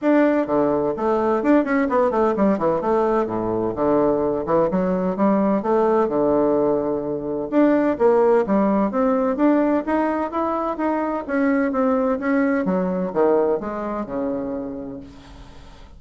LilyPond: \new Staff \with { instrumentName = "bassoon" } { \time 4/4 \tempo 4 = 128 d'4 d4 a4 d'8 cis'8 | b8 a8 g8 e8 a4 a,4 | d4. e8 fis4 g4 | a4 d2. |
d'4 ais4 g4 c'4 | d'4 dis'4 e'4 dis'4 | cis'4 c'4 cis'4 fis4 | dis4 gis4 cis2 | }